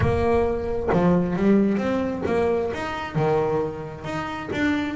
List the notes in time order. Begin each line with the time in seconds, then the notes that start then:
0.00 A#3
0.92 F3
1.36 G3
1.77 C4
2.26 A#3
2.73 D#4
3.15 D#3
4.04 D#4
4.52 D4